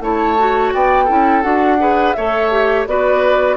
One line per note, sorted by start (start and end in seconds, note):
0.00 0.71 A3
0.00 0.37 E4
0.00 0.74 C#5
0.00 0.72 A5
0.38 1.07 F#4
0.73 1.09 B3
0.73 1.04 D5
0.73 1.42 G5
1.04 1.43 C#4
1.04 1.42 E4
1.04 1.75 A4
1.42 2.15 D4
1.42 1.78 F#4
1.42 2.13 F#5
1.79 2.14 G#4
1.79 2.16 B4
2.13 2.86 A3
2.13 2.51 A4
2.13 2.87 C#5
2.13 2.84 E5
2.51 2.86 G4
2.86 3.56 B3
2.86 3.56 F#4
2.86 3.56 B4
2.86 3.56 D5